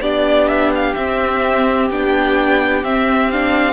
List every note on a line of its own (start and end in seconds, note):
0.00 0.94 B3
0.00 0.96 D4
0.00 3.73 G4
0.00 0.48 D5
0.48 0.71 E5
0.75 0.95 F5
0.95 1.90 C4
0.95 1.91 C4
0.95 1.88 E5
1.90 2.83 B3
1.90 2.84 D4
1.90 2.84 G5
2.83 3.73 C4
2.83 3.31 C4
2.83 3.31 E5
3.31 3.73 D4
3.31 3.73 F5